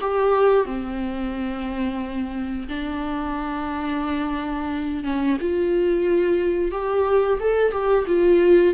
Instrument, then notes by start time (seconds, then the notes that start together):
viola
0.00 G4
0.65 C4
2.68 D4
5.03 C#4
5.40 F4
6.71 G4
7.40 A4
7.72 G4
8.07 F4